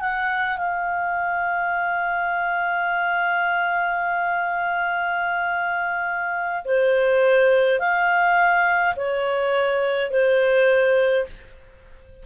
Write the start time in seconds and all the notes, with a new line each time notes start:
0.00 F#5
0.57 F5
6.65 C5
7.79 F5
8.96 C#5
10.10 C5